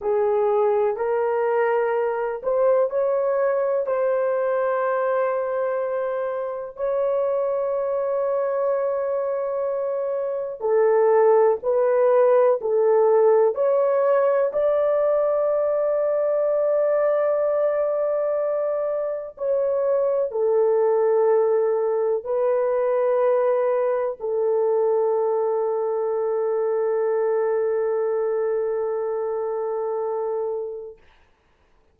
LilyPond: \new Staff \with { instrumentName = "horn" } { \time 4/4 \tempo 4 = 62 gis'4 ais'4. c''8 cis''4 | c''2. cis''4~ | cis''2. a'4 | b'4 a'4 cis''4 d''4~ |
d''1 | cis''4 a'2 b'4~ | b'4 a'2.~ | a'1 | }